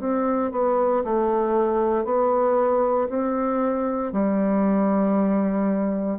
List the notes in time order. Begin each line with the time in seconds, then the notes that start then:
0.00 C4
0.52 B3
1.05 A3
2.05 B3
3.09 C4
4.13 G3